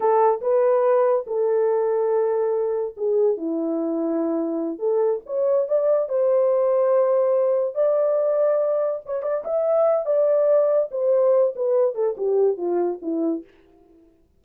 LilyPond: \new Staff \with { instrumentName = "horn" } { \time 4/4 \tempo 4 = 143 a'4 b'2 a'4~ | a'2. gis'4 | e'2.~ e'8 a'8~ | a'8 cis''4 d''4 c''4.~ |
c''2~ c''8 d''4.~ | d''4. cis''8 d''8 e''4. | d''2 c''4. b'8~ | b'8 a'8 g'4 f'4 e'4 | }